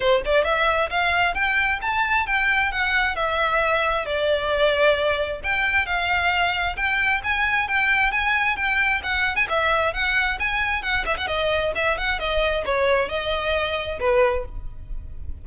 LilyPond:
\new Staff \with { instrumentName = "violin" } { \time 4/4 \tempo 4 = 133 c''8 d''8 e''4 f''4 g''4 | a''4 g''4 fis''4 e''4~ | e''4 d''2. | g''4 f''2 g''4 |
gis''4 g''4 gis''4 g''4 | fis''8. gis''16 e''4 fis''4 gis''4 | fis''8 e''16 fis''16 dis''4 e''8 fis''8 dis''4 | cis''4 dis''2 b'4 | }